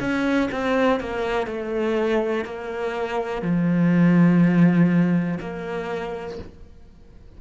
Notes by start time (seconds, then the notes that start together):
0.00 C#4
0.51 C4
1.00 A#3
1.47 A3
2.45 A#3
3.42 F3
5.40 A#3